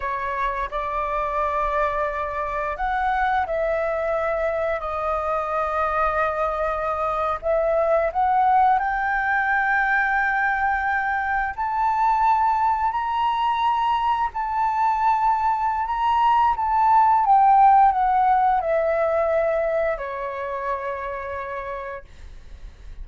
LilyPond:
\new Staff \with { instrumentName = "flute" } { \time 4/4 \tempo 4 = 87 cis''4 d''2. | fis''4 e''2 dis''4~ | dis''2~ dis''8. e''4 fis''16~ | fis''8. g''2.~ g''16~ |
g''8. a''2 ais''4~ ais''16~ | ais''8. a''2~ a''16 ais''4 | a''4 g''4 fis''4 e''4~ | e''4 cis''2. | }